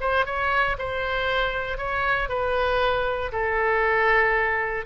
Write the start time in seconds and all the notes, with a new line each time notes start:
0.00 C5
0.25 C#5
0.78 C5
1.77 C#5
2.29 B4
3.32 A4